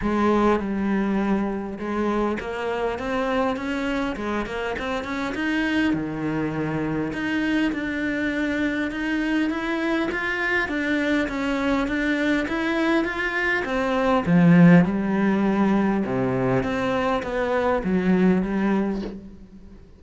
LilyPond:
\new Staff \with { instrumentName = "cello" } { \time 4/4 \tempo 4 = 101 gis4 g2 gis4 | ais4 c'4 cis'4 gis8 ais8 | c'8 cis'8 dis'4 dis2 | dis'4 d'2 dis'4 |
e'4 f'4 d'4 cis'4 | d'4 e'4 f'4 c'4 | f4 g2 c4 | c'4 b4 fis4 g4 | }